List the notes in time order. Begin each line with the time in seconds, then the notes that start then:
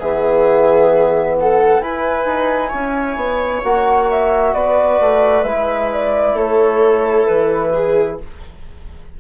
0.00 E3 B3 G#4 E5
1.38 A4 F#5
1.80 E4 B4 G#5
2.26 D#4
2.69 C#4 C#5
3.17 B3
3.64 A#3 F#4 F#5
4.10 E5
4.54 B3 B4 D5
5.01 A3
5.44 G#3 E4 E5
5.93 D5
6.34 A3 A4 C#5
7.27 E3 B4
7.73 G#4